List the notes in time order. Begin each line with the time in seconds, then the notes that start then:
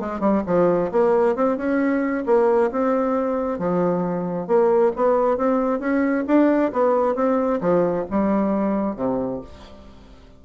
0.00 G#3
0.20 G3
0.46 F3
0.92 A#3
1.36 C4
1.57 C#4
2.26 A#3
2.71 C4
3.59 F3
4.47 A#3
4.96 B3
5.37 C4
5.80 C#4
6.27 D4
6.72 B3
7.15 C4
7.61 F3
8.10 G3
8.96 C3